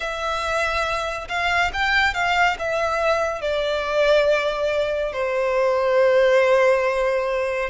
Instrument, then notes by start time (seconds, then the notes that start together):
violin
0.00 E5
1.28 F5
1.73 G5
2.14 F5
2.58 E5
3.41 D5
5.12 C5